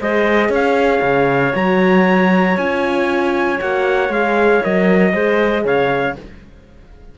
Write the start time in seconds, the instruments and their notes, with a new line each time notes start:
0.00 cello G#3, horn G#4, clarinet C5, trumpet D#5
0.49 cello C#4, clarinet C#5, trumpet F5
1.02 cello C#3
1.54 cello F#3, horn F#4, trumpet A#5
2.57 cello C#4, horn F4, trumpet G#5
3.59 cello A#3, horn F#4, trumpet F#5
4.09 cello G#3, horn G#4, trumpet F5
4.64 cello F#3, horn A#4, trumpet D#5
5.12 cello G#3, horn G#4, clarinet C5
5.65 cello C#3, clarinet C#5, trumpet F5